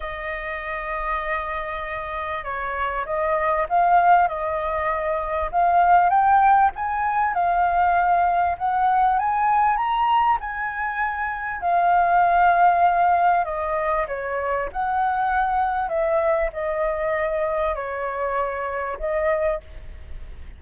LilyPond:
\new Staff \with { instrumentName = "flute" } { \time 4/4 \tempo 4 = 98 dis''1 | cis''4 dis''4 f''4 dis''4~ | dis''4 f''4 g''4 gis''4 | f''2 fis''4 gis''4 |
ais''4 gis''2 f''4~ | f''2 dis''4 cis''4 | fis''2 e''4 dis''4~ | dis''4 cis''2 dis''4 | }